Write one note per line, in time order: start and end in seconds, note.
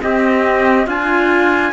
0.00 0.86 C4
0.00 0.86 G4
0.00 0.87 D#5
0.86 1.72 D4
0.86 1.72 F4
0.86 1.72 G#5